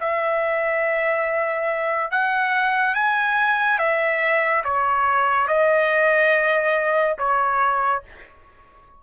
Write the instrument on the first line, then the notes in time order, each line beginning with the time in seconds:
trumpet
0.00 E5
2.11 F#5
2.95 G#5
3.79 E5
4.64 C#5
5.48 D#5
7.18 C#5